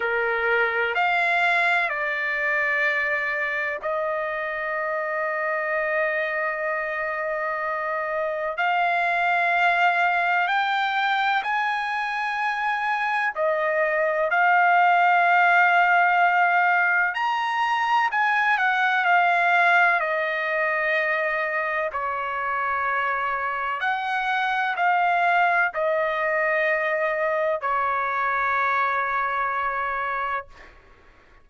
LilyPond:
\new Staff \with { instrumentName = "trumpet" } { \time 4/4 \tempo 4 = 63 ais'4 f''4 d''2 | dis''1~ | dis''4 f''2 g''4 | gis''2 dis''4 f''4~ |
f''2 ais''4 gis''8 fis''8 | f''4 dis''2 cis''4~ | cis''4 fis''4 f''4 dis''4~ | dis''4 cis''2. | }